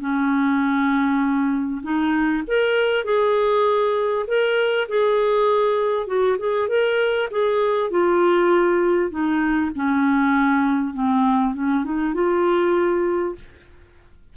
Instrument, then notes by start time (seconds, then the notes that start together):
clarinet
0.00 C#4
1.83 D#4
2.48 A#4
3.05 G#4
4.27 A#4
4.89 G#4
6.07 F#4
6.39 G#4
6.69 A#4
7.31 G#4
7.91 F4
9.10 D#4
9.75 C#4
10.94 C4
11.54 C#4
11.85 D#4
12.14 F4